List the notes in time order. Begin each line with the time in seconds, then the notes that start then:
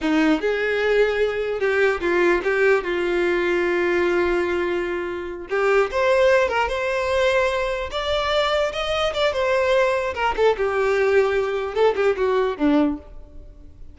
0.01 D#4
0.41 G#4
1.59 G4
2.00 F4
2.43 G4
2.83 F4
5.49 G4
5.91 C5
6.48 A#4
6.68 C5
7.91 D5
8.72 D#5
9.13 D5
9.32 C5
10.14 A#4
10.36 A4
10.57 G4
11.74 A4
11.95 G4
12.16 F#4
12.57 D4